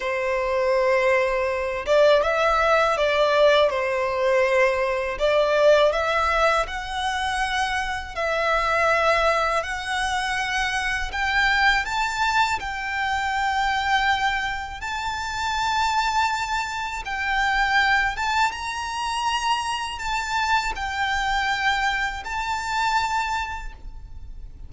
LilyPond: \new Staff \with { instrumentName = "violin" } { \time 4/4 \tempo 4 = 81 c''2~ c''8 d''8 e''4 | d''4 c''2 d''4 | e''4 fis''2 e''4~ | e''4 fis''2 g''4 |
a''4 g''2. | a''2. g''4~ | g''8 a''8 ais''2 a''4 | g''2 a''2 | }